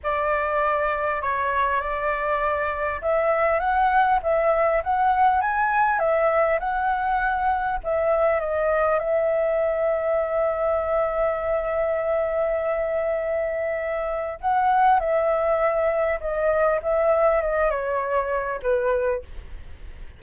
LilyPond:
\new Staff \with { instrumentName = "flute" } { \time 4/4 \tempo 4 = 100 d''2 cis''4 d''4~ | d''4 e''4 fis''4 e''4 | fis''4 gis''4 e''4 fis''4~ | fis''4 e''4 dis''4 e''4~ |
e''1~ | e''1 | fis''4 e''2 dis''4 | e''4 dis''8 cis''4. b'4 | }